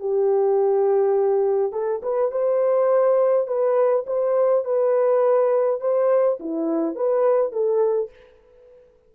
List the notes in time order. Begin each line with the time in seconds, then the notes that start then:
0.00 G4
1.72 A4
2.03 B4
2.32 C5
3.48 B4
4.07 C5
4.65 B4
5.81 C5
6.40 E4
6.96 B4
7.52 A4